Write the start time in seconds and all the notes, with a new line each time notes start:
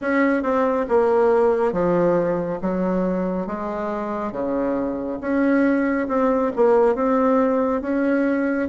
0.01 C#4
0.42 C4
0.89 A#3
1.72 F3
2.61 F#3
3.46 G#3
4.32 C#3
5.20 C#4
6.08 C4
6.55 A#3
6.95 C4
7.81 C#4